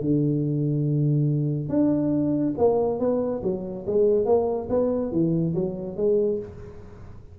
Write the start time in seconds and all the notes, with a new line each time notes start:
0.00 D3
1.69 D4
2.57 A#3
2.99 B3
3.42 F#3
3.86 G#3
4.25 A#3
4.69 B3
5.11 E3
5.54 F#3
5.96 G#3